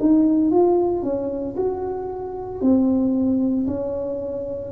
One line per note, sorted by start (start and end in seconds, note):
0.00 0.51 D#4
0.51 1.03 F4
1.03 1.56 C#4
1.57 2.62 F#4
2.62 3.67 C4
3.67 4.72 C#4